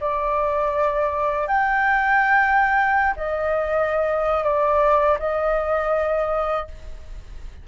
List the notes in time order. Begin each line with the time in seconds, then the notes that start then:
0.00 D5
1.47 G5
3.16 D#5
4.43 D5
5.19 D#5